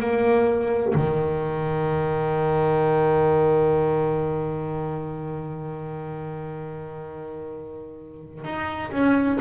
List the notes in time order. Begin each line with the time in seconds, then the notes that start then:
0.00 A#3
0.95 D#3
8.45 D#4
8.91 C#4